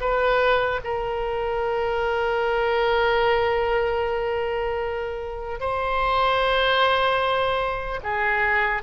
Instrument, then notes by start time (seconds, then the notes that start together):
oboe
0.00 B4
0.84 A#4
5.60 C5
8.03 G#4